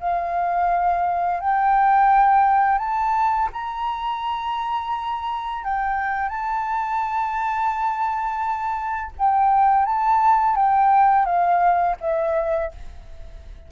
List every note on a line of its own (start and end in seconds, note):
0.00 1.41 F5
1.41 2.79 G5
2.79 3.49 A5
3.53 5.65 A#5
5.65 6.29 G5
6.29 9.12 A5
9.19 9.86 G5
9.86 10.56 A5
10.56 11.26 G5
11.26 11.96 F5
12.01 12.72 E5